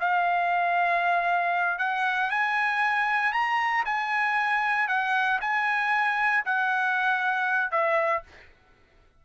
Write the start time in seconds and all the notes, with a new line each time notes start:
0.00 F5
1.79 F#5
2.30 G#5
3.33 A#5
3.85 G#5
4.88 F#5
5.41 G#5
6.45 F#5
7.71 E5